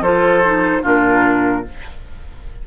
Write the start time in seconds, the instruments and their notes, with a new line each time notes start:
0.00 bassoon F3, clarinet F4, oboe A4, flute C5
0.44 clarinet D#4
0.82 bassoon A#2, clarinet D4, oboe F4, flute A#4